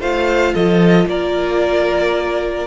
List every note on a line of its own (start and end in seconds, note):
0.00 0.54 A3
0.00 2.68 F4
0.00 0.54 C5
0.00 0.54 F5
0.54 1.06 F3
0.54 1.07 A4
0.54 1.08 D#5
1.06 2.67 A#3
1.06 2.68 A#4
1.06 2.68 D5